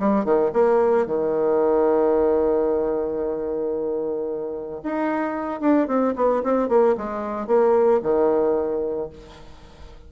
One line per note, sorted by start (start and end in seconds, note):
0.00 0.25 G3
0.25 0.52 D#3
0.54 1.07 A#3
1.07 4.82 D#3
4.84 5.61 D#4
5.61 5.88 D4
5.88 6.15 C4
6.17 6.43 B3
6.44 6.69 C4
6.69 6.96 A#3
6.98 7.48 G#3
7.48 8.01 A#3
8.03 9.10 D#3